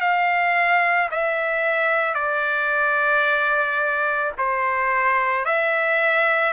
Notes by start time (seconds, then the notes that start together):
0.00 F5
1.11 E5
2.14 D5
4.38 C5
5.45 E5